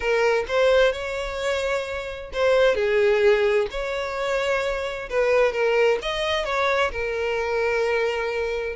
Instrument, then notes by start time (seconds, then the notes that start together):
violin
0.00 A#4
0.48 C5
0.92 C#5
2.33 C5
2.75 G#4
3.70 C#5
5.09 B4
5.52 A#4
6.02 D#5
6.44 C#5
6.91 A#4